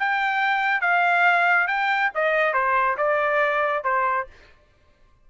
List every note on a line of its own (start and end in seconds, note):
0.00 0.82 G5
0.82 1.68 F5
1.68 2.11 G5
2.15 2.54 D#5
2.54 2.97 C5
2.98 3.84 D5
3.84 4.28 C5